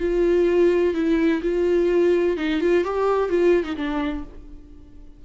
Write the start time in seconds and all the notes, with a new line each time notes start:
0.00 F4
0.94 E4
1.43 F4
2.37 D#4
2.61 F4
2.84 G4
3.29 F4
3.64 D#4
3.77 D4